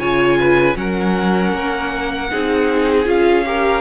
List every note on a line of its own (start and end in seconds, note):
0.00 0.76 C#3
0.00 0.75 F4
0.00 0.38 C#5
0.00 0.77 G#5
0.40 0.78 B4
0.75 1.53 F#3
0.75 2.29 C#4
0.75 2.31 A#4
0.75 3.08 F#5
1.53 2.30 A#3
2.31 3.07 C4
2.31 3.05 D#4
2.31 3.46 G#4
3.05 3.81 C#4
3.05 3.44 F4
3.05 3.81 F5
3.46 3.81 G4
3.46 3.81 A#4